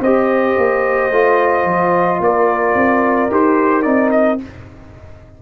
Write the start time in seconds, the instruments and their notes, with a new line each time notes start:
0.00 tuba C4, trombone G4, horn C5, trumpet D#5
0.57 tuba A#3
1.10 tuba A3, trombone F4
1.64 tuba F3
2.20 tuba A#3, horn A#4, trumpet D5
2.75 tuba C4
3.30 tuba D#4, trombone G4, trumpet C5
3.82 tuba C4, trombone D#4, trumpet D5
4.11 trumpet D#5